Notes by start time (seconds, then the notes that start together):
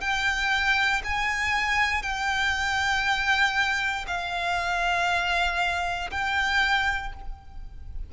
0.00 G5
1.04 G#5
2.02 G5
4.07 F5
6.11 G5